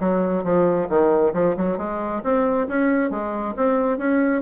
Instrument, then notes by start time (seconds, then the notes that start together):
bassoon
0.00 F#3
0.44 F3
0.89 D#3
1.34 F3
1.57 F#3
1.78 G#3
2.24 C4
2.68 C#4
3.10 G#3
3.57 C4
3.98 C#4